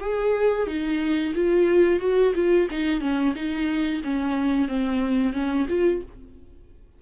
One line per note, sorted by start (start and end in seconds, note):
0.00 0.66 G#4
0.66 1.33 D#4
1.35 1.99 F4
1.99 2.33 F#4
2.35 2.68 F4
2.70 3.00 D#4
3.00 3.33 C#4
3.35 4.02 D#4
4.04 4.68 C#4
4.68 5.33 C4
5.33 5.66 C#4
5.68 6.02 F4